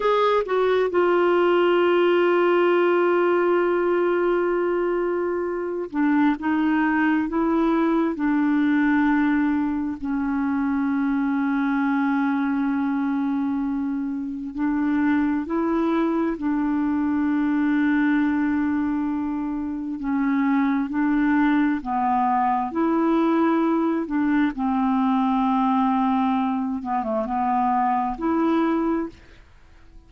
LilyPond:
\new Staff \with { instrumentName = "clarinet" } { \time 4/4 \tempo 4 = 66 gis'8 fis'8 f'2.~ | f'2~ f'8 d'8 dis'4 | e'4 d'2 cis'4~ | cis'1 |
d'4 e'4 d'2~ | d'2 cis'4 d'4 | b4 e'4. d'8 c'4~ | c'4. b16 a16 b4 e'4 | }